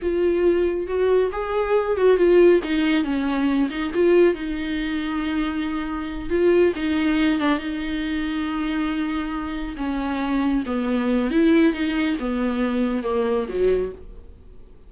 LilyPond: \new Staff \with { instrumentName = "viola" } { \time 4/4 \tempo 4 = 138 f'2 fis'4 gis'4~ | gis'8 fis'8 f'4 dis'4 cis'4~ | cis'8 dis'8 f'4 dis'2~ | dis'2~ dis'8 f'4 dis'8~ |
dis'4 d'8 dis'2~ dis'8~ | dis'2~ dis'8 cis'4.~ | cis'8 b4. e'4 dis'4 | b2 ais4 fis4 | }